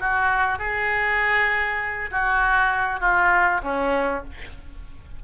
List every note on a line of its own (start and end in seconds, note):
0.00 0.59 F#4
0.59 2.10 G#4
2.11 3.00 F#4
3.00 3.61 F4
3.63 4.24 C#4